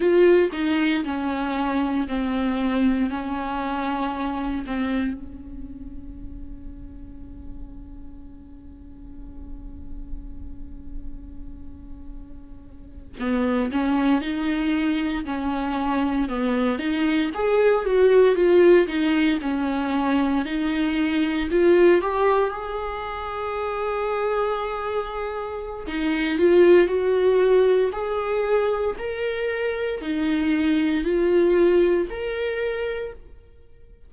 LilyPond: \new Staff \with { instrumentName = "viola" } { \time 4/4 \tempo 4 = 58 f'8 dis'8 cis'4 c'4 cis'4~ | cis'8 c'8 cis'2.~ | cis'1~ | cis'8. b8 cis'8 dis'4 cis'4 b16~ |
b16 dis'8 gis'8 fis'8 f'8 dis'8 cis'4 dis'16~ | dis'8. f'8 g'8 gis'2~ gis'16~ | gis'4 dis'8 f'8 fis'4 gis'4 | ais'4 dis'4 f'4 ais'4 | }